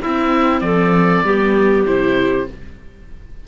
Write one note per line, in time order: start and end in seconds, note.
0.00 0.61 C4
0.00 1.25 C4
0.00 0.61 E4
0.00 0.60 E5
0.60 1.22 F3
0.60 1.24 A4
0.60 1.83 D5
1.23 1.85 G3
1.23 1.86 B3
1.23 2.47 G4
1.85 2.47 C3
1.85 2.47 E4
1.85 2.47 C5